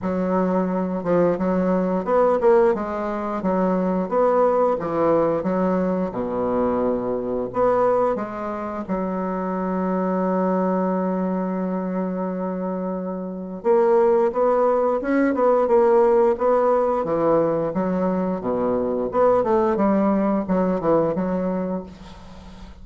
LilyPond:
\new Staff \with { instrumentName = "bassoon" } { \time 4/4 \tempo 4 = 88 fis4. f8 fis4 b8 ais8 | gis4 fis4 b4 e4 | fis4 b,2 b4 | gis4 fis2.~ |
fis1 | ais4 b4 cis'8 b8 ais4 | b4 e4 fis4 b,4 | b8 a8 g4 fis8 e8 fis4 | }